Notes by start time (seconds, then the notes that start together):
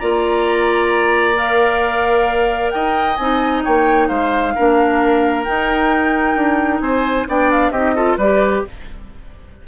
0.00 A#3 F4 D5 A#5
1.35 A#4 F5
2.71 D#4 D#5 G5
3.17 C4 D#4 G#5
3.65 A#3 C#5 G5
4.08 G#3 C5 F5
4.55 A#3 D4 A#4
5.44 D#4 G5
6.36 D4
6.80 C4 C5 G#5
7.28 B3 D4 D5 G5
7.52 F5
7.71 C4 D#4 G4 D#5
7.96 F4 A4
8.18 G3 G4 B4 D5